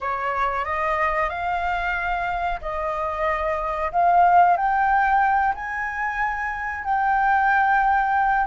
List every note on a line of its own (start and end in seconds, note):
0.01 0.64 C#5
0.64 1.29 D#5
1.29 2.59 F5
2.61 3.91 D#5
3.92 4.56 F5
4.56 5.54 G5
5.54 6.84 G#5
6.84 8.46 G5